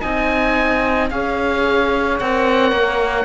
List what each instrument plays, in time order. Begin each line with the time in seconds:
0.00 cello C4, viola D#4, saxophone D#5, oboe G#5
1.10 cello C#4, viola G#4, saxophone C#5, oboe F5
2.18 cello C4, viola A#4, oboe F#5
2.72 cello A#3